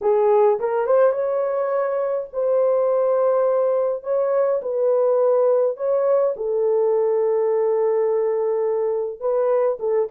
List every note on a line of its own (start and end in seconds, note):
0.01 0.59 G#4
0.59 0.86 A#4
0.86 1.12 C5
1.12 2.27 C#5
2.32 4.03 C5
4.03 4.60 C#5
4.62 5.76 B4
5.76 6.34 C#5
6.36 9.20 A4
9.20 9.77 B4
9.79 10.08 A4